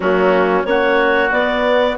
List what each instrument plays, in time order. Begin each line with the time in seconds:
0.00 bassoon F#3, horn A#3, oboe C#4, clarinet F#4
0.63 bassoon A#3, horn C#4, oboe F#4, clarinet C#5
1.31 horn B3, bassoon B3, clarinet D5